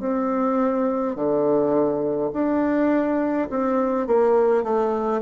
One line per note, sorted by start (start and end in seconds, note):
0.00 1.15 C4
1.15 2.31 D3
2.33 3.49 D4
3.50 4.08 C4
4.08 4.64 A#3
4.64 5.21 A3